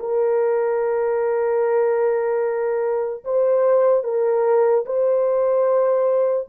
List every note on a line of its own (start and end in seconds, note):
0.00 3.24 A#4
3.25 4.04 C5
4.04 4.85 A#4
4.86 6.48 C5